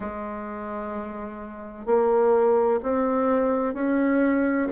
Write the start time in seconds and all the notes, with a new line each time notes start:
0.00 G#3
1.86 A#3
2.82 C4
3.74 C#4